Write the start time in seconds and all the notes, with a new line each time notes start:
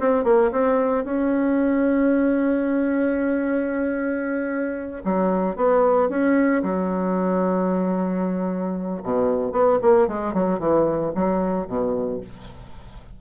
0.00 C4
0.25 A#3
0.52 C4
1.05 C#4
5.05 F#3
5.56 B3
6.10 C#4
6.63 F#3
9.03 B2
9.53 B3
9.82 A#3
10.08 G#3
10.34 F#3
10.60 E3
11.15 F#3
11.68 B2